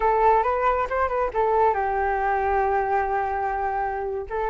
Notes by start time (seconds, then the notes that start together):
0.00 A4
0.43 B4
0.89 C5
1.08 B4
1.33 A4
1.74 G4
4.29 A4